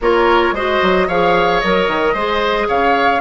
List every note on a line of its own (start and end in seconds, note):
0.01 0.52 A#3
0.01 0.55 F4
0.01 0.54 A#4
0.01 0.54 C#5
0.52 0.78 G#3
0.52 1.09 F#4
0.52 1.07 C5
0.52 1.08 D#5
0.82 1.08 F#3
1.07 1.62 F3
1.07 1.63 G#4
1.07 2.13 C#5
1.07 1.60 F5
1.60 1.87 F#3
1.60 2.16 A#4
1.60 2.67 D#5
1.87 2.14 D#3
2.13 2.67 G#3
2.13 3.20 G#4
2.13 2.67 C5
2.67 3.20 C#3
2.67 3.20 C#5
2.67 3.20 F5